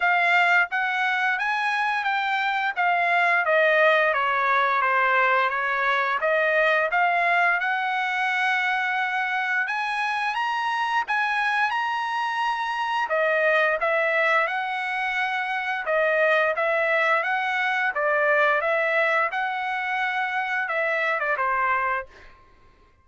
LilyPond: \new Staff \with { instrumentName = "trumpet" } { \time 4/4 \tempo 4 = 87 f''4 fis''4 gis''4 g''4 | f''4 dis''4 cis''4 c''4 | cis''4 dis''4 f''4 fis''4~ | fis''2 gis''4 ais''4 |
gis''4 ais''2 dis''4 | e''4 fis''2 dis''4 | e''4 fis''4 d''4 e''4 | fis''2 e''8. d''16 c''4 | }